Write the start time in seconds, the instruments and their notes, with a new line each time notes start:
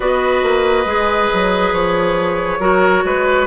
0.00 bassoon B3, clarinet F#4, oboe B4, flute D#5
0.42 bassoon A#3
0.85 bassoon G#3, clarinet G#4
1.33 bassoon F#3
1.72 bassoon F3, flute C#5
2.59 bassoon F#3, clarinet F#4, oboe A#4
3.04 bassoon G#3, oboe B4